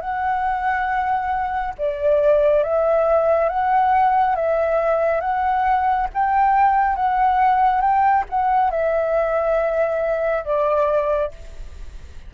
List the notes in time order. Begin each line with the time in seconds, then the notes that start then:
0.00 F#5
1.78 D5
2.63 E5
3.49 F#5
4.35 E5
5.20 F#5
6.13 G5
6.96 F#5
7.81 G5
8.29 F#5
8.70 E5
10.44 D5